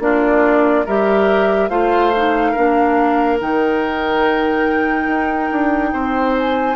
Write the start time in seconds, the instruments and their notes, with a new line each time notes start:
0.00 bassoon A#3, clarinet D4, oboe F4, flute D5
0.86 bassoon G3, clarinet G4, oboe A#4, flute E5
1.69 bassoon A3, clarinet F4, oboe C5, flute F5
2.17 clarinet D#4
2.52 bassoon A#3, clarinet D4, oboe A#4
3.40 bassoon D#3, clarinet D#4, flute G5
5.08 bassoon D#4
5.52 bassoon D4
5.93 bassoon C4, oboe C5
6.38 flute G#5